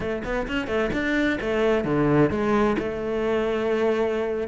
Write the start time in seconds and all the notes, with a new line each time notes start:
0.00 A3
0.24 B3
0.47 C#4
0.67 A3
0.92 D4
1.40 A3
1.84 D3
2.30 G#3
2.78 A3